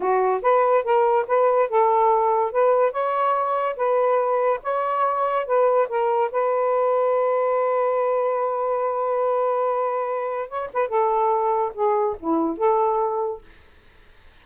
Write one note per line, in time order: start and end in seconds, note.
0.00 0.41 F#4
0.42 0.84 B4
0.84 1.25 A#4
1.27 1.69 B4
1.69 2.51 A4
2.51 2.92 B4
2.92 3.76 C#5
3.76 4.60 B4
4.63 5.45 C#5
5.45 5.87 B4
5.88 6.30 A#4
6.31 10.48 B4
10.48 10.69 C#5
10.73 10.88 B4
10.88 11.72 A4
11.74 12.16 G#4
12.19 12.57 E4
12.57 13.41 A4